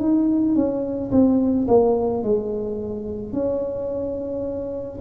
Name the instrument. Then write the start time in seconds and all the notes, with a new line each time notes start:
tuba
0.00 D#4
0.55 C#4
1.11 C4
1.68 A#3
2.23 G#3
3.33 C#4